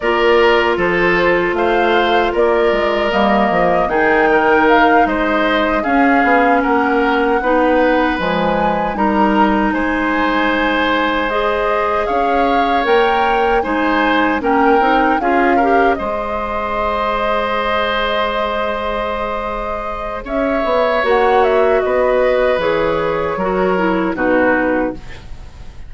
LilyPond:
<<
  \new Staff \with { instrumentName = "flute" } { \time 4/4 \tempo 4 = 77 d''4 c''4 f''4 d''4 | dis''4 g''4 f''8 dis''4 f''8~ | f''8 fis''2 gis''4 ais''8~ | ais''8 gis''2 dis''4 f''8~ |
f''8 g''4 gis''4 g''4 f''8~ | f''8 dis''2.~ dis''8~ | dis''2 e''4 fis''8 e''8 | dis''4 cis''2 b'4 | }
  \new Staff \with { instrumentName = "oboe" } { \time 4/4 ais'4 a'4 c''4 ais'4~ | ais'4 gis'8 ais'4 c''4 gis'8~ | gis'8 ais'4 b'2 ais'8~ | ais'8 c''2. cis''8~ |
cis''4. c''4 ais'4 gis'8 | ais'8 c''2.~ c''8~ | c''2 cis''2 | b'2 ais'4 fis'4 | }
  \new Staff \with { instrumentName = "clarinet" } { \time 4/4 f'1 | ais4 dis'2~ dis'8 cis'8~ | cis'4. dis'4 gis4 dis'8~ | dis'2~ dis'8 gis'4.~ |
gis'8 ais'4 dis'4 cis'8 dis'8 f'8 | g'8 gis'2.~ gis'8~ | gis'2. fis'4~ | fis'4 gis'4 fis'8 e'8 dis'4 | }
  \new Staff \with { instrumentName = "bassoon" } { \time 4/4 ais4 f4 a4 ais8 gis8 | g8 f8 dis4. gis4 cis'8 | b8 ais4 b4 f4 g8~ | g8 gis2. cis'8~ |
cis'8 ais4 gis4 ais8 c'8 cis'8~ | cis'8 gis2.~ gis8~ | gis2 cis'8 b8 ais4 | b4 e4 fis4 b,4 | }
>>